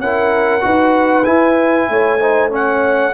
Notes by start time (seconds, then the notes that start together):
0.00 C#4 E4 A#4 F#5
0.61 D#4 F#4 B4
1.25 E4 G#5
1.89 A3 C#5
2.19 D#4 C5
2.50 C#4 C#5 F#5